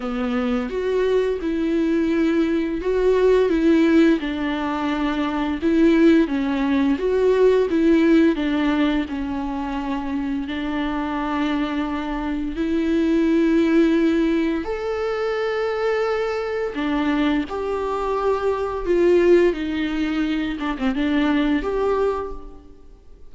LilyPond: \new Staff \with { instrumentName = "viola" } { \time 4/4 \tempo 4 = 86 b4 fis'4 e'2 | fis'4 e'4 d'2 | e'4 cis'4 fis'4 e'4 | d'4 cis'2 d'4~ |
d'2 e'2~ | e'4 a'2. | d'4 g'2 f'4 | dis'4. d'16 c'16 d'4 g'4 | }